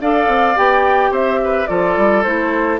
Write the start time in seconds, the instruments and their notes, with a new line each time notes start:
0.00 bassoon D4, clarinet A4, oboe D5, flute F5
0.27 bassoon C4
0.55 bassoon B3, clarinet G4, flute G5
1.11 bassoon C4, oboe C5, flute E5
1.43 oboe B4
1.66 bassoon F3, clarinet F4, oboe A4, flute D5
1.96 bassoon G3
2.23 bassoon A3, clarinet E4, flute C5